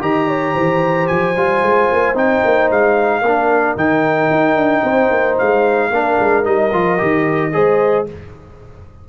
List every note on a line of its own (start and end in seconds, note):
0.00 0.55 D#3
0.00 1.34 G4
0.00 0.28 D#5
0.00 1.07 A#5
0.28 0.53 C#5
0.53 1.09 E3
0.53 3.21 C5
1.07 1.36 F3
1.07 2.14 G#5
1.36 1.62 G3
1.36 2.15 F4
1.62 1.89 G#3
1.92 2.14 A#3
2.14 2.41 C4
2.14 3.22 D#4
2.14 2.70 G5
2.44 2.70 A#3
2.70 3.21 G#3
2.70 3.77 F5
3.21 3.75 A#3
3.21 3.77 D4
3.21 4.83 A#4
3.76 4.29 D#3
3.76 5.91 D#4
3.76 5.38 G5
4.30 4.55 D#4
4.55 4.82 D4
4.83 5.10 C4
4.83 5.89 C5
5.10 5.37 A#3
5.38 5.90 G#3
5.38 6.44 F5
5.89 6.16 A#3
5.89 6.43 D4
5.89 7.50 A#4
6.19 6.45 G#3
6.43 6.72 G3
6.43 6.70 D#4
6.43 8.05 D#5
6.72 6.99 F3
6.72 6.97 F4
6.97 7.55 D#3
6.97 7.51 G4
7.52 8.08 G#3
7.52 8.06 G#4
7.52 8.07 C5